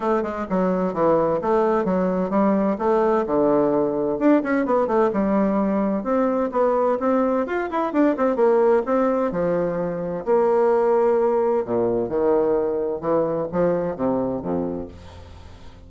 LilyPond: \new Staff \with { instrumentName = "bassoon" } { \time 4/4 \tempo 4 = 129 a8 gis8 fis4 e4 a4 | fis4 g4 a4 d4~ | d4 d'8 cis'8 b8 a8 g4~ | g4 c'4 b4 c'4 |
f'8 e'8 d'8 c'8 ais4 c'4 | f2 ais2~ | ais4 ais,4 dis2 | e4 f4 c4 f,4 | }